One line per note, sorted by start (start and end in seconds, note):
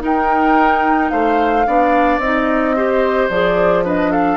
0.00 1.64 D#4
0.00 1.11 D#4
0.00 1.11 A#4
0.00 1.10 G5
1.10 1.66 A3
1.10 1.66 C5
1.10 2.19 F5
1.66 2.18 B3
1.66 2.20 D4
1.66 2.75 D5
2.18 3.27 C4
2.18 2.76 D#4
2.18 3.28 D#5
2.75 3.30 G4
2.75 3.84 C5
3.29 4.37 F3
3.29 3.84 G#4
3.29 3.84 D5
3.84 4.37 D4
3.84 4.11 B4
3.84 4.12 D#5
4.11 4.37 A4
4.11 4.37 F5